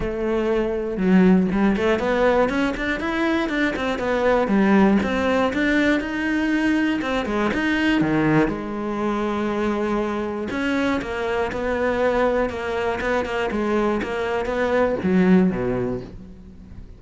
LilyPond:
\new Staff \with { instrumentName = "cello" } { \time 4/4 \tempo 4 = 120 a2 fis4 g8 a8 | b4 cis'8 d'8 e'4 d'8 c'8 | b4 g4 c'4 d'4 | dis'2 c'8 gis8 dis'4 |
dis4 gis2.~ | gis4 cis'4 ais4 b4~ | b4 ais4 b8 ais8 gis4 | ais4 b4 fis4 b,4 | }